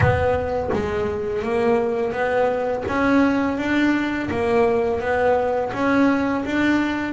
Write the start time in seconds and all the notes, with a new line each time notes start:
0.00 B3
0.73 G#3
1.42 A#3
2.12 B3
2.87 C#4
3.57 D4
4.30 A#3
5.00 B3
5.73 C#4
6.45 D4